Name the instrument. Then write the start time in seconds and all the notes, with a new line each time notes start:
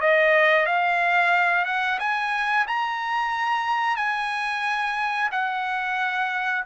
trumpet
0.00 D#5
0.66 F5
1.65 F#5
1.99 G#5
2.67 A#5
3.96 G#5
5.32 F#5